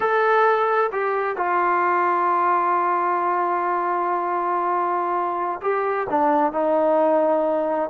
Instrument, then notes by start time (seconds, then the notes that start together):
trombone
0.00 A4
0.91 G4
1.37 F4
5.61 G4
6.09 D4
6.52 D#4